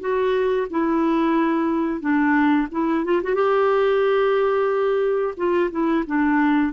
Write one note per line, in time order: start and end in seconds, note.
0.00 0.67 F#4
0.70 2.00 E4
2.00 2.67 D4
2.71 3.05 E4
3.05 3.21 F4
3.23 3.34 F#4
3.34 5.34 G4
5.36 5.70 F4
5.71 6.04 E4
6.06 6.72 D4